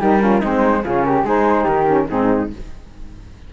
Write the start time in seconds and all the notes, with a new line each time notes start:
0.00 G3 D#4 G4 A#4
0.20 C#4 F4
0.40 G#3 C4 D#4 C5
0.83 C#3 C#4 F4 G#4
1.03 G4 A#4
1.24 G#3 D#4 G#4 C5
1.64 D#3 G4 A#4
1.87 C#4
2.09 G#2 C4 D#4 G#4